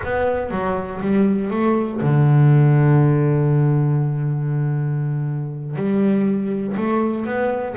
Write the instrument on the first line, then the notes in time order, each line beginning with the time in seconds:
double bass
0.04 B3
0.50 F#3
1.01 G3
1.50 A3
2.01 D3
5.76 G3
6.76 A3
7.25 B3